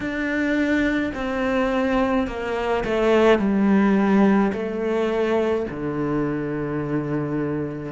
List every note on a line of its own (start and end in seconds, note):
0.00 1.12 D4
1.14 2.27 C4
2.27 2.84 A#3
2.84 3.38 A3
3.38 4.51 G3
4.53 5.66 A3
5.70 7.92 D3